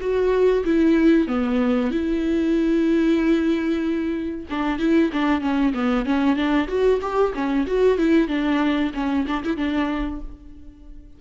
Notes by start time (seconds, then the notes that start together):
0.00 F#4
0.64 E4
1.27 B3
1.91 E4
4.50 D4
4.78 E4
5.12 D4
5.41 C#4
5.74 B3
6.06 C#4
6.36 D4
6.68 F#4
7.01 G4
7.34 C#4
7.67 F#4
7.98 E4
8.28 D4
8.94 C#4
9.27 D4
9.44 E4
9.57 D4